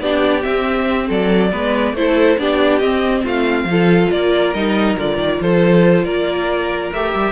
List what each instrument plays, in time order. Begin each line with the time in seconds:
0.00 cello B3, viola D4, violin G4 D5
0.41 viola C4, cello C4, violin E5
1.08 cello F#3, violin A4 D5
1.52 cello G#3, viola B3, violin B4
1.94 cello A3, viola E4, violin A4 C5
2.38 cello B3, viola D4, violin G4 D5
2.78 cello C4, viola C4, violin D#5
3.24 cello A3, violin F4 F5
3.65 cello F3
3.71 viola F4, violin A4
4.11 cello A#3, violin A#4 D5
4.54 cello G3, viola D#4, violin D#5
4.98 cello D3, viola F4, violin D5
5.18 cello D#3
5.41 cello F3, violin A4 C5
6.05 cello A#3, violin A#4 D5
6.92 cello A3, viola G4, violin E5
7.15 cello G3